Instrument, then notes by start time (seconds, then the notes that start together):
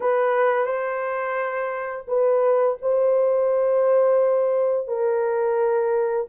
horn
0.00 B4
0.66 C5
2.07 B4
2.81 C5
4.87 A#4